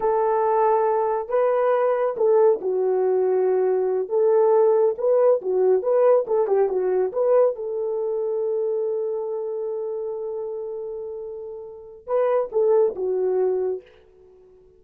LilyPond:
\new Staff \with { instrumentName = "horn" } { \time 4/4 \tempo 4 = 139 a'2. b'4~ | b'4 a'4 fis'2~ | fis'4. a'2 b'8~ | b'8 fis'4 b'4 a'8 g'8 fis'8~ |
fis'8 b'4 a'2~ a'8~ | a'1~ | a'1 | b'4 a'4 fis'2 | }